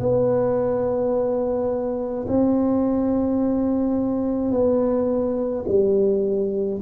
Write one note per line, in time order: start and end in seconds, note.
0.00 2.26 B3
2.28 4.52 C4
4.52 5.65 B3
5.68 6.81 G3